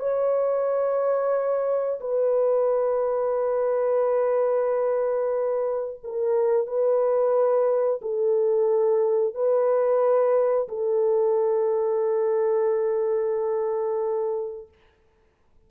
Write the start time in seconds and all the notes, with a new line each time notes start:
0.00 C#5
2.01 B4
6.04 A#4
6.67 B4
8.02 A4
9.35 B4
10.69 A4